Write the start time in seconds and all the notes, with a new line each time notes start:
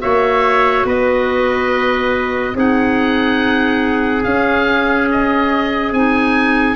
0.00 A#3 F#4 C#5 E5
0.84 B3 B4 D#5
2.54 C4 D#4 G#4 F#5
4.23 C#4 F5
5.11 D#5
5.91 C4 D#4 G#5